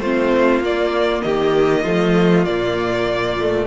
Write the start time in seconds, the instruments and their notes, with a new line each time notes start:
0.00 cello A3, viola C4, violin F4 C5
0.61 cello A#3, viola A#3, violin D5
1.22 cello D#3, violin G4 D#5
1.83 cello F3, viola A3, violin F4
2.45 cello A#2, viola A#3, violin D5
3.39 viola A3